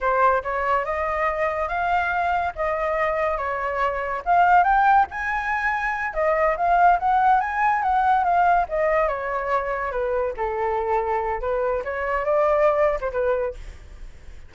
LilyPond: \new Staff \with { instrumentName = "flute" } { \time 4/4 \tempo 4 = 142 c''4 cis''4 dis''2 | f''2 dis''2 | cis''2 f''4 g''4 | gis''2~ gis''8 dis''4 f''8~ |
f''8 fis''4 gis''4 fis''4 f''8~ | f''8 dis''4 cis''2 b'8~ | b'8 a'2~ a'8 b'4 | cis''4 d''4.~ d''16 c''16 b'4 | }